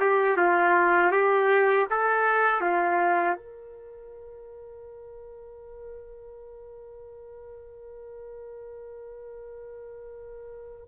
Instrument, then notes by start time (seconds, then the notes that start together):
trumpet
0.00 G4
0.37 F4
1.12 G4
1.90 A4
2.61 F4
3.36 A#4